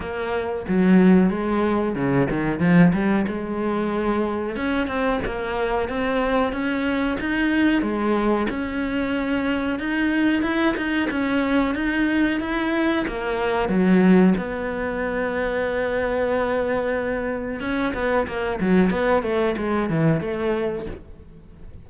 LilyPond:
\new Staff \with { instrumentName = "cello" } { \time 4/4 \tempo 4 = 92 ais4 fis4 gis4 cis8 dis8 | f8 g8 gis2 cis'8 c'8 | ais4 c'4 cis'4 dis'4 | gis4 cis'2 dis'4 |
e'8 dis'8 cis'4 dis'4 e'4 | ais4 fis4 b2~ | b2. cis'8 b8 | ais8 fis8 b8 a8 gis8 e8 a4 | }